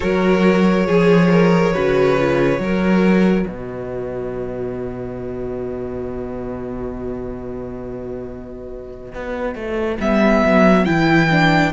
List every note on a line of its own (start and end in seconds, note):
0.00 0.86 F#3
0.00 0.87 F#4
0.00 0.86 A#4
0.00 3.45 C#5
0.86 1.73 F3
0.86 1.29 G#4
0.86 1.74 G#4
1.30 1.73 A#4
1.73 2.59 C#3
1.73 2.17 F#4
1.73 2.60 B4
2.18 2.59 F4
2.59 3.45 F#3
2.59 9.98 F#4
2.59 3.46 A#4
3.45 9.13 B2
3.45 11.72 B4
3.45 9.97 D#5
9.14 9.55 B3
9.55 9.98 A3
10.00 10.43 G3
10.00 10.86 B3
10.00 10.85 E5
10.44 10.87 F#3
10.85 11.72 E3
10.85 11.29 E4
10.85 11.72 G5
11.30 11.72 D4